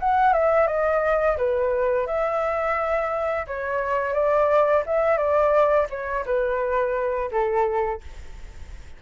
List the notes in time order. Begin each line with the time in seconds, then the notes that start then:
0.00 F#5
0.34 E5
0.68 D#5
1.38 B4
2.07 E5
3.48 C#5
4.14 D5
4.86 E5
5.18 D5
5.90 C#5
6.26 B4
7.32 A4